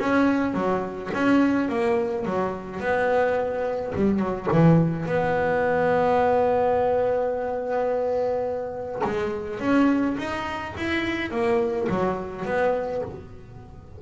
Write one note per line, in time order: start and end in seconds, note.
0.00 0.54 C#4
0.54 1.11 F#3
1.14 1.69 C#4
1.69 2.26 A#3
2.26 2.80 F#3
2.80 3.94 B3
3.96 4.19 G3
4.19 4.48 F#3
4.53 5.06 E3
5.06 9.02 B3
9.04 9.60 G#3
9.60 10.17 C#4
10.18 10.74 D#4
10.78 11.31 E4
11.31 11.88 A#3
11.90 12.46 F#3
12.46 13.02 B3